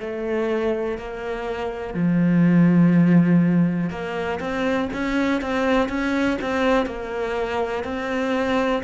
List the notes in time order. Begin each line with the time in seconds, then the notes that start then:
0.00 A3
0.98 A#3
1.94 F3
3.90 A#3
4.40 C4
4.93 C#4
5.41 C4
5.89 C#4
6.41 C4
6.86 A#3
7.84 C4